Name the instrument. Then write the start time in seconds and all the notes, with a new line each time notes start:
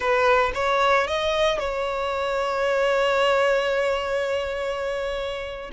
violin
0.00 B4
0.54 C#5
1.07 D#5
1.59 C#5